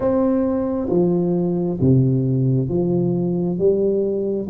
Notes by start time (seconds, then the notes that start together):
0.00 C4
0.90 F3
1.80 C3
2.68 F3
3.58 G3